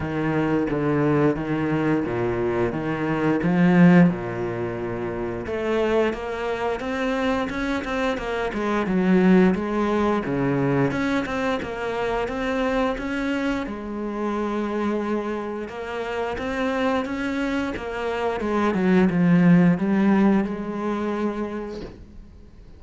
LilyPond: \new Staff \with { instrumentName = "cello" } { \time 4/4 \tempo 4 = 88 dis4 d4 dis4 ais,4 | dis4 f4 ais,2 | a4 ais4 c'4 cis'8 c'8 | ais8 gis8 fis4 gis4 cis4 |
cis'8 c'8 ais4 c'4 cis'4 | gis2. ais4 | c'4 cis'4 ais4 gis8 fis8 | f4 g4 gis2 | }